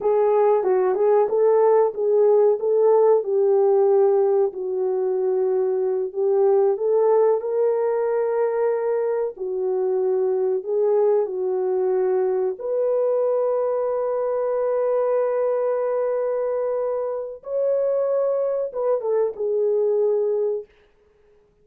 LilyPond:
\new Staff \with { instrumentName = "horn" } { \time 4/4 \tempo 4 = 93 gis'4 fis'8 gis'8 a'4 gis'4 | a'4 g'2 fis'4~ | fis'4. g'4 a'4 ais'8~ | ais'2~ ais'8 fis'4.~ |
fis'8 gis'4 fis'2 b'8~ | b'1~ | b'2. cis''4~ | cis''4 b'8 a'8 gis'2 | }